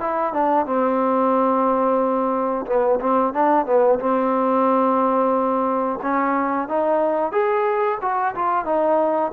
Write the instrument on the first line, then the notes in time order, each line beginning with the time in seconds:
trombone
0.00 E4
0.33 D4
0.65 C4
2.66 B3
3.00 C4
3.33 D4
3.65 B3
3.99 C4
6.02 C#4
6.68 D#4
7.32 G#4
8.01 F#4
8.35 F4
8.65 D#4